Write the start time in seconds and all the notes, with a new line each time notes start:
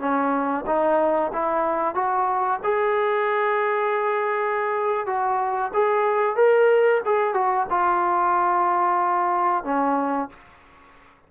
0.00 C#4
0.67 D#4
1.33 E4
1.95 F#4
2.64 G#4
5.07 F#4
5.74 G#4
6.36 A#4
7.06 G#4
7.34 F#4
7.70 F4
9.64 C#4